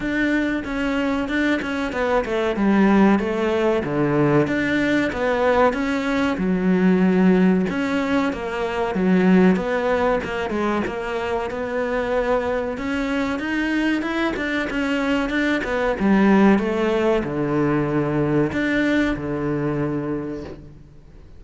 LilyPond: \new Staff \with { instrumentName = "cello" } { \time 4/4 \tempo 4 = 94 d'4 cis'4 d'8 cis'8 b8 a8 | g4 a4 d4 d'4 | b4 cis'4 fis2 | cis'4 ais4 fis4 b4 |
ais8 gis8 ais4 b2 | cis'4 dis'4 e'8 d'8 cis'4 | d'8 b8 g4 a4 d4~ | d4 d'4 d2 | }